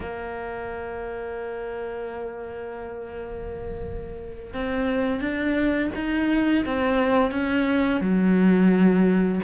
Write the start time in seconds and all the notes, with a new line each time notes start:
0.00 A#3
4.53 C4
5.20 D4
5.95 D#4
6.65 C4
7.31 C#4
8.00 F#3